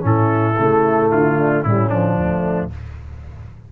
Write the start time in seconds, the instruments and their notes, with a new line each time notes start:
0.00 tuba A2, trombone C#4, horn E4, trumpet A4
0.58 tuba C#3, trombone A3
1.11 tuba D3, trumpet F4
1.37 horn D4
1.63 tuba A2, trombone G3, horn C#4, trumpet E4
1.89 trombone F3, trumpet D4
2.17 tuba D2, horn A3